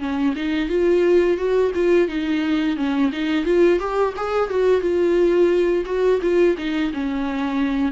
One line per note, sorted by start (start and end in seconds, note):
0.00 0.34 C#4
0.36 0.70 D#4
0.70 1.38 F4
1.38 1.72 F#4
1.75 2.09 F4
2.09 2.77 D#4
2.77 3.12 C#4
3.13 3.45 D#4
3.45 3.80 F4
3.80 4.14 G4
4.17 4.50 G#4
4.50 4.81 F#4
4.81 5.85 F4
5.86 6.21 F#4
6.22 6.57 F4
6.58 6.93 D#4
6.94 7.92 C#4